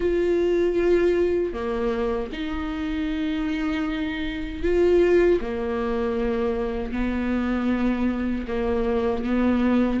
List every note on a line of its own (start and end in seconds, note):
0.00 1.53 F4
1.53 2.30 A#3
2.32 4.62 D#4
4.62 5.39 F4
5.41 6.92 A#3
6.92 8.46 B3
8.47 9.24 A#3
9.24 10.00 B3